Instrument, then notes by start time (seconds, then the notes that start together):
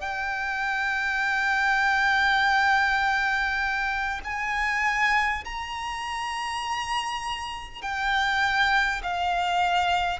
violin
0.00 G5
4.24 G#5
5.44 A#5
7.82 G5
9.03 F5